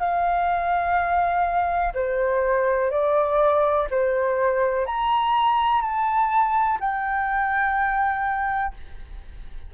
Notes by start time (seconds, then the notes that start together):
0.00 F5
1.94 C5
2.91 D5
3.91 C5
4.87 A#5
5.82 A5
6.80 G5